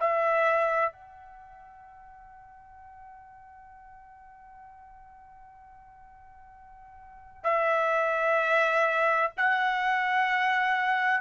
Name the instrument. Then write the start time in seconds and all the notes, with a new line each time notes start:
trumpet
0.00 E5
0.92 F#5
7.44 E5
9.37 F#5